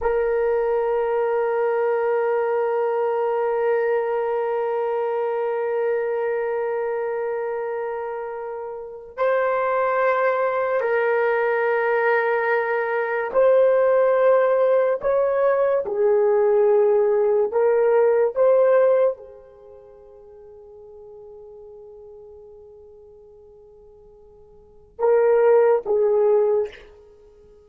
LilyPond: \new Staff \with { instrumentName = "horn" } { \time 4/4 \tempo 4 = 72 ais'1~ | ais'1~ | ais'2. c''4~ | c''4 ais'2. |
c''2 cis''4 gis'4~ | gis'4 ais'4 c''4 gis'4~ | gis'1~ | gis'2 ais'4 gis'4 | }